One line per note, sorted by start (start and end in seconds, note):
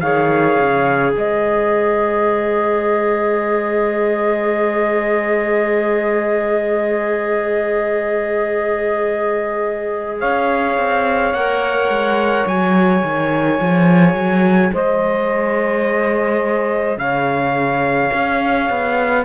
0.00 0.57 D#3
0.00 11.33 G#4
0.00 1.12 C#5
0.00 1.13 F5
0.59 1.16 C#3
1.12 10.23 G#3
1.12 10.18 C5
1.12 10.20 D#5
10.19 10.78 C#4
10.19 14.71 C#5
10.19 11.33 F5
10.78 11.33 C4
11.33 11.88 A#3
11.33 12.48 A#4
11.33 12.46 F#5
11.88 12.45 G#3
12.46 13.03 F#3
12.46 19.25 G#4
12.46 14.74 G#5
13.03 13.60 D#3
13.61 14.14 F3
14.14 14.71 F#3
14.73 16.97 G#3
14.73 16.99 C5
14.73 16.98 D#5
16.97 18.10 C#3
16.97 19.25 C#5
16.97 19.25 F5
18.13 18.70 C#4
18.70 19.25 B3